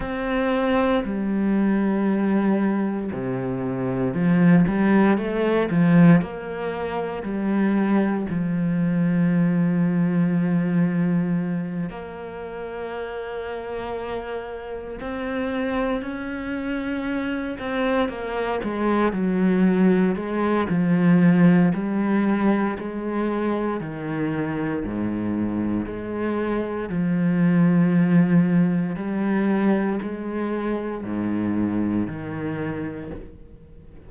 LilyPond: \new Staff \with { instrumentName = "cello" } { \time 4/4 \tempo 4 = 58 c'4 g2 c4 | f8 g8 a8 f8 ais4 g4 | f2.~ f8 ais8~ | ais2~ ais8 c'4 cis'8~ |
cis'4 c'8 ais8 gis8 fis4 gis8 | f4 g4 gis4 dis4 | gis,4 gis4 f2 | g4 gis4 gis,4 dis4 | }